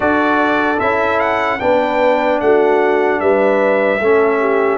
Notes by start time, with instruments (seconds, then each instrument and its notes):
0.00 tuba D4, trombone F#4, horn A4, trumpet D5
0.79 tuba C#4, trombone E4, trumpet E5
1.19 trumpet F#5
1.59 tuba B3, trombone D4, horn B4, trumpet G5
2.40 tuba A3, horn F#4, trumpet F#5
3.20 tuba G3, horn B4, trumpet E5
4.00 tuba A3, trombone C#4, horn A4
4.39 horn G4